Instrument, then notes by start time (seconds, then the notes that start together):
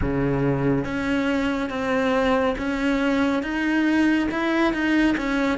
cello
0.01 C#3
0.84 C#4
1.69 C4
2.58 C#4
3.42 D#4
4.31 E4
4.73 D#4
5.17 C#4